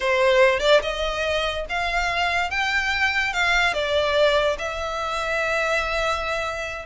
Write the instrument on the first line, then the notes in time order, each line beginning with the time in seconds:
violin
0.00 C5
0.59 D5
0.82 D#5
1.69 F5
2.50 G5
3.33 F5
3.73 D5
4.58 E5